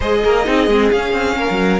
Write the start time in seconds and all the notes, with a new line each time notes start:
0.00 G#3 G#4 C5 D#5
0.24 A#3 A#4
0.44 C4 D#4 G#4
0.67 G#3 C4
0.91 C#4 F5
1.13 C4
1.36 A#3 A#4
1.50 F#3